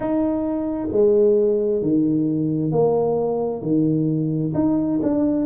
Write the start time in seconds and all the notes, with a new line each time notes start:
0.00 D#4
0.91 G#3
1.81 D#3
2.71 A#3
3.62 D#3
4.54 D#4
5.02 D4